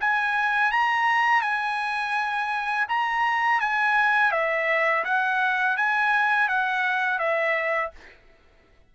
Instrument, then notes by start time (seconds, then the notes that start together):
trumpet
0.00 G#5
0.71 A#5
1.41 G#5
2.88 A#5
3.60 G#5
4.31 E5
5.04 F#5
5.76 G#5
6.48 F#5
7.18 E5